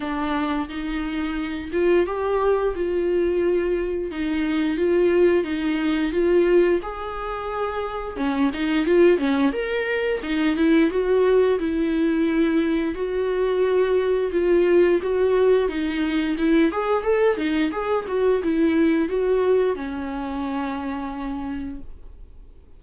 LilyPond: \new Staff \with { instrumentName = "viola" } { \time 4/4 \tempo 4 = 88 d'4 dis'4. f'8 g'4 | f'2 dis'4 f'4 | dis'4 f'4 gis'2 | cis'8 dis'8 f'8 cis'8 ais'4 dis'8 e'8 |
fis'4 e'2 fis'4~ | fis'4 f'4 fis'4 dis'4 | e'8 gis'8 a'8 dis'8 gis'8 fis'8 e'4 | fis'4 cis'2. | }